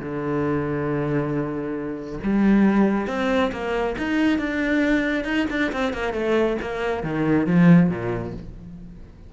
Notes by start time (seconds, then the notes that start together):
0.00 D3
2.23 G3
3.08 C4
3.52 A#3
3.98 D#4
4.39 D4
5.25 D#4
5.51 D4
5.73 C4
5.94 A#3
6.14 A3
6.62 A#3
7.04 D#3
7.47 F3
7.90 A#2